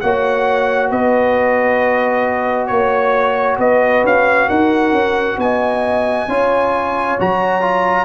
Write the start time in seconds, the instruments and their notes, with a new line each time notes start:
0.00 tuba A#3, trombone F#4, horn C#5, trumpet F#5
0.90 tuba B3, horn B4, trumpet D#5
2.66 tuba A#3, trumpet C#5, horn C#5
3.58 tuba B3, horn B4, trumpet D#5
4.04 tuba C#4, trumpet F5
4.47 tuba D#4, horn A#4, trumpet F#5
4.92 tuba C#4
5.37 tuba B3, horn D#5, trumpet G#5
6.28 tuba C#4, trombone F4, horn C#5
7.19 tuba F#3, trombone F#4, trumpet A#5
7.61 trombone F4